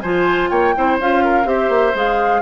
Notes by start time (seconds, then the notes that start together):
0.00 F3 F4 C5 G#5
0.49 A#3 C#5 G5
0.75 C4 E4 C5
0.99 C#4 F4 F5
1.24 A#4
1.44 C4 G4 C5 E5
1.69 A#3
1.94 G#3 G#4 F5